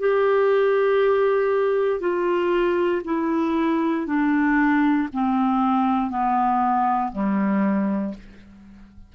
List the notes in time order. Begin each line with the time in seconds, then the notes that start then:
0.00 G4
2.01 F4
3.05 E4
4.07 D4
5.14 C4
6.11 B3
7.13 G3